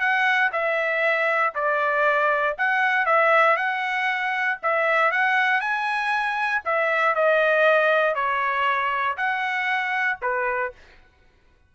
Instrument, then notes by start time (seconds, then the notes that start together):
trumpet
0.00 F#5
0.52 E5
1.55 D5
2.58 F#5
3.06 E5
3.57 F#5
4.63 E5
5.11 F#5
5.61 G#5
6.65 E5
7.15 D#5
8.15 C#5
9.17 F#5
10.22 B4